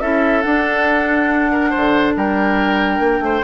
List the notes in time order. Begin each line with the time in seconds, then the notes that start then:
0.00 C#4 E4 A4 E5
0.42 D4 F#5
1.52 A#4
1.70 D3 C5
2.16 G3 A#4 G5
2.99 A#3
3.20 A3 C5